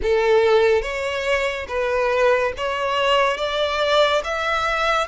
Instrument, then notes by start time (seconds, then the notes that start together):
violin
0.02 A4
0.81 C#5
1.68 B4
2.57 C#5
3.37 D5
4.23 E5